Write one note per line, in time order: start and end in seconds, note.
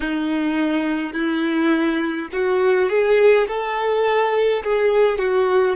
0.00 1.13 D#4
1.13 2.28 E4
2.32 2.89 F#4
2.89 3.47 G#4
3.47 4.63 A4
4.63 5.18 G#4
5.18 5.76 F#4